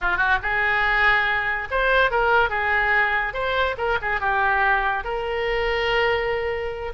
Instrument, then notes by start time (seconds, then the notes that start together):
oboe
0.01 F4
0.17 F#4
0.42 G#4
1.71 C5
2.11 A#4
2.49 G#4
3.33 C5
3.77 A#4
4.01 G#4
4.20 G4
5.03 A#4